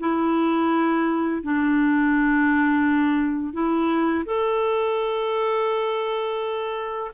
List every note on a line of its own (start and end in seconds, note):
0.00 1.43 E4
1.43 3.53 D4
3.53 4.25 E4
4.26 7.11 A4